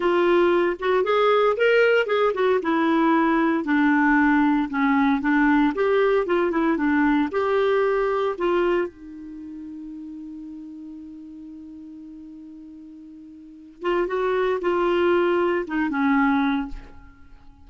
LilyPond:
\new Staff \with { instrumentName = "clarinet" } { \time 4/4 \tempo 4 = 115 f'4. fis'8 gis'4 ais'4 | gis'8 fis'8 e'2 d'4~ | d'4 cis'4 d'4 g'4 | f'8 e'8 d'4 g'2 |
f'4 dis'2.~ | dis'1~ | dis'2~ dis'8 f'8 fis'4 | f'2 dis'8 cis'4. | }